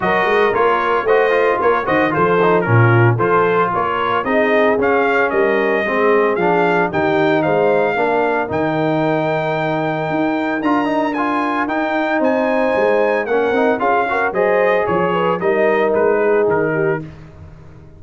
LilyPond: <<
  \new Staff \with { instrumentName = "trumpet" } { \time 4/4 \tempo 4 = 113 dis''4 cis''4 dis''4 cis''8 dis''8 | c''4 ais'4 c''4 cis''4 | dis''4 f''4 dis''2 | f''4 g''4 f''2 |
g''1 | ais''4 gis''4 g''4 gis''4~ | gis''4 fis''4 f''4 dis''4 | cis''4 dis''4 b'4 ais'4 | }
  \new Staff \with { instrumentName = "horn" } { \time 4/4 ais'2 c''4 ais'8 c''8 | a'4 f'4 a'4 ais'4 | gis'2 ais'4 gis'4~ | gis'4 g'4 c''4 ais'4~ |
ais'1~ | ais'2. c''4~ | c''4 ais'4 gis'8 ais'8 c''4 | cis''8 b'8 ais'4. gis'4 g'8 | }
  \new Staff \with { instrumentName = "trombone" } { \time 4/4 fis'4 f'4 fis'8 f'4 fis'8 | f'8 dis'8 cis'4 f'2 | dis'4 cis'2 c'4 | d'4 dis'2 d'4 |
dis'1 | f'8 dis'8 f'4 dis'2~ | dis'4 cis'8 dis'8 f'8 fis'8 gis'4~ | gis'4 dis'2. | }
  \new Staff \with { instrumentName = "tuba" } { \time 4/4 fis8 gis8 ais4 a4 ais8 dis8 | f4 ais,4 f4 ais4 | c'4 cis'4 g4 gis4 | f4 dis4 gis4 ais4 |
dis2. dis'4 | d'2 dis'4 c'4 | gis4 ais8 c'8 cis'4 fis4 | f4 g4 gis4 dis4 | }
>>